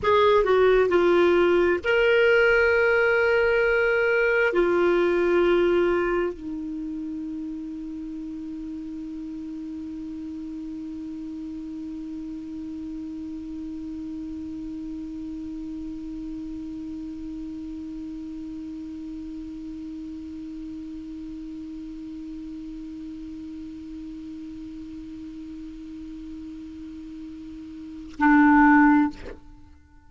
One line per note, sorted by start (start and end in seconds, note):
0.02 0.44 G#4
0.44 0.89 F#4
0.89 1.80 F4
1.84 4.53 A#4
4.53 6.33 F4
6.33 28.15 D#4
28.19 29.10 D4